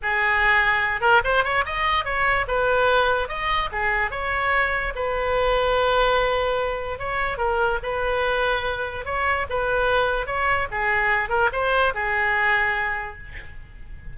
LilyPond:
\new Staff \with { instrumentName = "oboe" } { \time 4/4 \tempo 4 = 146 gis'2~ gis'8 ais'8 c''8 cis''8 | dis''4 cis''4 b'2 | dis''4 gis'4 cis''2 | b'1~ |
b'4 cis''4 ais'4 b'4~ | b'2 cis''4 b'4~ | b'4 cis''4 gis'4. ais'8 | c''4 gis'2. | }